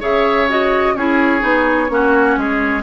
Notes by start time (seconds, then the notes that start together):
0.00 C#3 G#4 C#5 E5
0.49 F#4 D#5
0.95 C#4 E4 G#4 C#5
1.40 B3 D#4
1.89 A#3 C#4 F#4
2.37 G#3 G#4